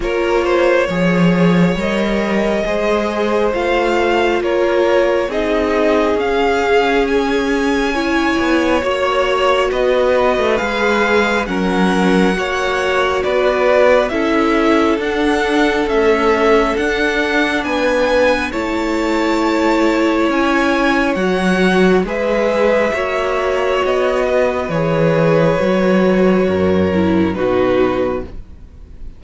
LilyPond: <<
  \new Staff \with { instrumentName = "violin" } { \time 4/4 \tempo 4 = 68 cis''2 dis''2 | f''4 cis''4 dis''4 f''4 | gis''2 cis''4 dis''4 | f''4 fis''2 d''4 |
e''4 fis''4 e''4 fis''4 | gis''4 a''2 gis''4 | fis''4 e''2 dis''4 | cis''2. b'4 | }
  \new Staff \with { instrumentName = "violin" } { \time 4/4 ais'8 c''8 cis''2 c''4~ | c''4 ais'4 gis'2~ | gis'4 cis''2 b'4~ | b'4 ais'4 cis''4 b'4 |
a'1 | b'4 cis''2.~ | cis''4 b'4 cis''4. b'8~ | b'2 ais'4 fis'4 | }
  \new Staff \with { instrumentName = "viola" } { \time 4/4 f'4 gis'4 ais'4 gis'4 | f'2 dis'4 cis'4~ | cis'4 e'4 fis'2 | gis'4 cis'4 fis'2 |
e'4 d'4 a4 d'4~ | d'4 e'2. | fis'4 gis'4 fis'2 | gis'4 fis'4. e'8 dis'4 | }
  \new Staff \with { instrumentName = "cello" } { \time 4/4 ais4 f4 g4 gis4 | a4 ais4 c'4 cis'4~ | cis'4. b8 ais4 b8. a16 | gis4 fis4 ais4 b4 |
cis'4 d'4 cis'4 d'4 | b4 a2 cis'4 | fis4 gis4 ais4 b4 | e4 fis4 fis,4 b,4 | }
>>